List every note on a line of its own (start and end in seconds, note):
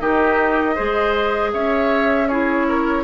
0.00 0.76 D#3
0.00 0.75 D#4
0.00 0.75 G4
0.00 1.52 D#5
0.75 1.54 G#3
0.75 2.27 G#4
0.75 1.50 C5
1.53 3.03 C#4
1.53 2.28 C#5
1.53 2.28 E5
2.28 3.03 E4
2.28 2.66 G#4
2.28 3.03 C#5
2.68 3.03 A#4